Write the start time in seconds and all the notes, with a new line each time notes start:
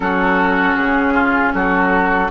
0.00 F#3 C#4 F#4 A4
0.75 C#3 G#4
1.13 F4
1.53 F#3 F#4 A4